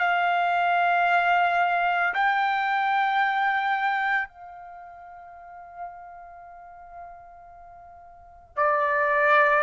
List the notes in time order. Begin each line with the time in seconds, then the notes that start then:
0.00 F5
2.14 G5
4.29 F5
8.57 D5